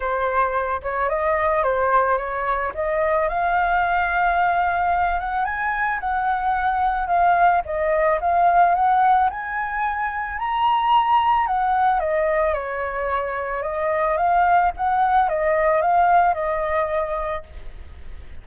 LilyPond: \new Staff \with { instrumentName = "flute" } { \time 4/4 \tempo 4 = 110 c''4. cis''8 dis''4 c''4 | cis''4 dis''4 f''2~ | f''4. fis''8 gis''4 fis''4~ | fis''4 f''4 dis''4 f''4 |
fis''4 gis''2 ais''4~ | ais''4 fis''4 dis''4 cis''4~ | cis''4 dis''4 f''4 fis''4 | dis''4 f''4 dis''2 | }